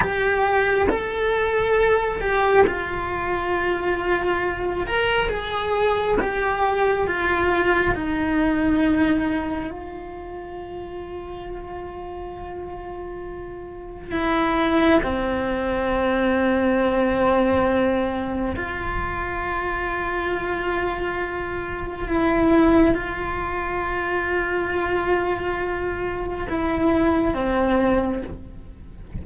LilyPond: \new Staff \with { instrumentName = "cello" } { \time 4/4 \tempo 4 = 68 g'4 a'4. g'8 f'4~ | f'4. ais'8 gis'4 g'4 | f'4 dis'2 f'4~ | f'1 |
e'4 c'2.~ | c'4 f'2.~ | f'4 e'4 f'2~ | f'2 e'4 c'4 | }